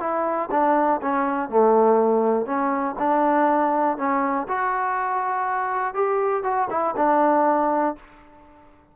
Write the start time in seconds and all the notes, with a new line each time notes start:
0.00 E4
0.51 D4
1.02 C#4
1.50 A3
2.46 C#4
2.99 D4
3.98 C#4
4.49 F#4
5.95 G4
6.44 F#4
6.71 E4
6.97 D4